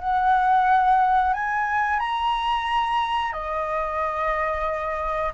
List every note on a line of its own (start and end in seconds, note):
0.00 1.33 F#5
1.34 1.99 G#5
1.99 3.33 A#5
3.33 5.33 D#5